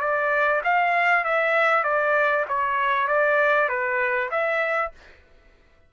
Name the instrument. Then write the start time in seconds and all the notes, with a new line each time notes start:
trumpet
0.00 D5
0.63 F5
1.24 E5
1.83 D5
2.48 C#5
3.07 D5
3.68 B4
4.30 E5